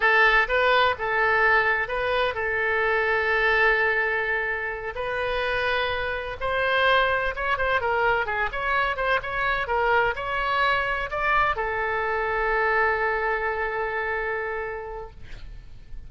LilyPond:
\new Staff \with { instrumentName = "oboe" } { \time 4/4 \tempo 4 = 127 a'4 b'4 a'2 | b'4 a'2.~ | a'2~ a'8 b'4.~ | b'4. c''2 cis''8 |
c''8 ais'4 gis'8 cis''4 c''8 cis''8~ | cis''8 ais'4 cis''2 d''8~ | d''8 a'2.~ a'8~ | a'1 | }